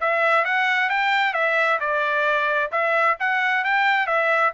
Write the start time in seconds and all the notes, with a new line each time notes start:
0.00 E5
0.44 F#5
0.90 G5
1.33 E5
1.80 D5
2.71 E5
3.19 F#5
3.64 G5
4.07 E5